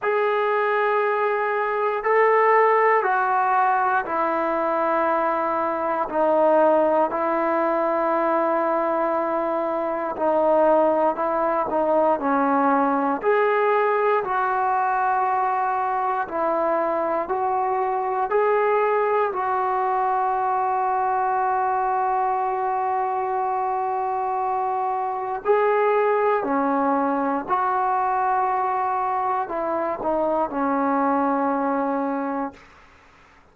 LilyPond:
\new Staff \with { instrumentName = "trombone" } { \time 4/4 \tempo 4 = 59 gis'2 a'4 fis'4 | e'2 dis'4 e'4~ | e'2 dis'4 e'8 dis'8 | cis'4 gis'4 fis'2 |
e'4 fis'4 gis'4 fis'4~ | fis'1~ | fis'4 gis'4 cis'4 fis'4~ | fis'4 e'8 dis'8 cis'2 | }